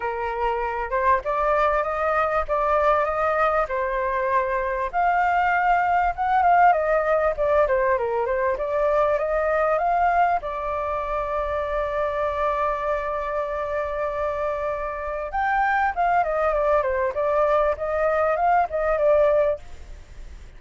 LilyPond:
\new Staff \with { instrumentName = "flute" } { \time 4/4 \tempo 4 = 98 ais'4. c''8 d''4 dis''4 | d''4 dis''4 c''2 | f''2 fis''8 f''8 dis''4 | d''8 c''8 ais'8 c''8 d''4 dis''4 |
f''4 d''2.~ | d''1~ | d''4 g''4 f''8 dis''8 d''8 c''8 | d''4 dis''4 f''8 dis''8 d''4 | }